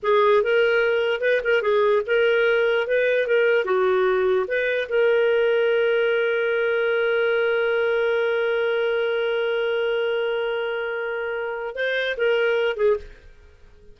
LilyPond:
\new Staff \with { instrumentName = "clarinet" } { \time 4/4 \tempo 4 = 148 gis'4 ais'2 b'8 ais'8 | gis'4 ais'2 b'4 | ais'4 fis'2 b'4 | ais'1~ |
ais'1~ | ais'1~ | ais'1~ | ais'4 c''4 ais'4. gis'8 | }